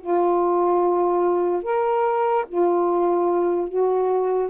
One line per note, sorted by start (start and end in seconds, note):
0.00 1.63 F4
1.63 2.45 A#4
2.48 3.69 F4
3.69 4.50 F#4